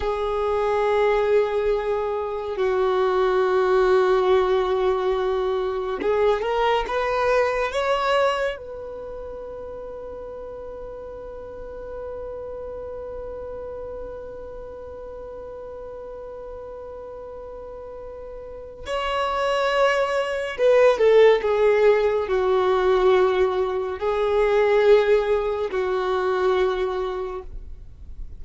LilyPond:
\new Staff \with { instrumentName = "violin" } { \time 4/4 \tempo 4 = 70 gis'2. fis'4~ | fis'2. gis'8 ais'8 | b'4 cis''4 b'2~ | b'1~ |
b'1~ | b'2 cis''2 | b'8 a'8 gis'4 fis'2 | gis'2 fis'2 | }